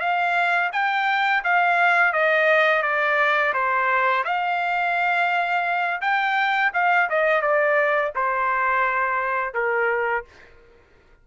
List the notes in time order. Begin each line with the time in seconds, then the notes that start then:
0.00 F5
0.73 G5
1.44 F5
2.13 D#5
2.83 D5
3.54 C5
4.24 F5
6.02 G5
6.74 F5
7.10 D#5
7.42 D5
8.16 C5
9.54 A#4